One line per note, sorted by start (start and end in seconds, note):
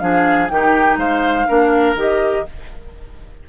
0.00 0.50 F3
0.00 0.49 D4
0.00 0.52 G#4
0.00 0.49 F5
0.49 0.97 D#3
0.49 1.48 D#4
0.49 0.99 G4
0.49 0.98 G5
0.97 1.46 G#3
0.97 1.48 C5
0.97 1.97 F5
1.48 1.95 A#3
1.48 1.96 D4
1.48 2.46 A#4
1.95 2.44 D#3
1.95 2.46 G4
1.95 2.49 D#5